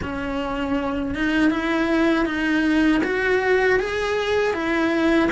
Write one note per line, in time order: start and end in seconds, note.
0.02 1.15 C#4
1.15 1.50 D#4
1.50 2.25 E4
2.25 3.01 D#4
3.03 3.79 F#4
3.79 4.53 G#4
4.53 5.29 E4